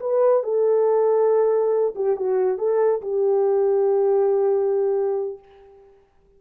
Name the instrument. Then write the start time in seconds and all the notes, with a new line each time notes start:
horn
0.00 B4
0.43 A4
1.95 G4
2.16 F#4
2.58 A4
3.01 G4